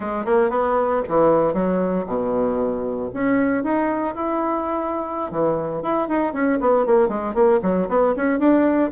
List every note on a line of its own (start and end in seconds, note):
0.00 0.25 G#3
0.25 0.50 A#3
0.50 1.01 B3
1.08 1.53 E3
1.53 2.05 F#3
2.06 3.10 B2
3.13 3.63 C#4
3.63 4.14 D#4
4.14 5.31 E4
5.31 5.82 E3
5.82 6.08 E4
6.08 6.33 D#4
6.33 6.59 C#4
6.60 6.86 B3
6.86 7.08 A#3
7.08 7.34 G#3
7.34 7.60 A#3
7.62 7.88 F#3
7.89 8.14 B3
8.16 8.39 C#4
8.39 8.91 D4